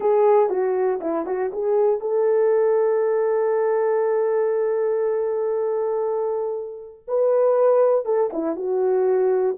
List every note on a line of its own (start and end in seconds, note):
0.00 0.49 G#4
0.49 1.00 F#4
1.00 1.25 E4
1.25 1.51 F#4
1.52 2.00 G#4
2.00 7.04 A4
7.07 8.05 B4
8.05 8.30 A4
8.33 8.56 E4
8.56 9.57 F#4